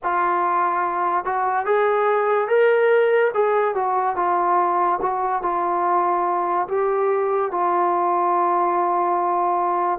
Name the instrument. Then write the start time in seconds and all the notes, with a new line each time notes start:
trombone
0.03 F4
1.24 F#4
1.65 G#4
2.48 A#4
3.33 G#4
3.74 F#4
4.16 F4
5.02 F#4
5.42 F4
6.68 G4
7.51 F4